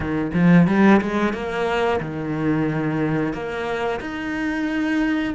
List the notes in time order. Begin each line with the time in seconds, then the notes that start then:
0.00 D#3
0.33 F3
0.67 G3
1.01 G#3
1.33 A#3
2.00 D#3
3.33 A#3
4.00 D#4